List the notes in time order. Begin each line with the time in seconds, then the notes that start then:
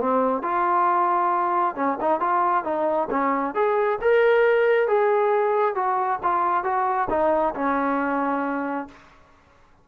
0.00 C4
0.42 F4
1.75 C#4
2.00 D#4
2.20 F4
2.64 D#4
3.10 C#4
3.55 G#4
4.01 A#4
4.87 G#4
5.75 F#4
6.23 F4
6.63 F#4
7.10 D#4
7.55 C#4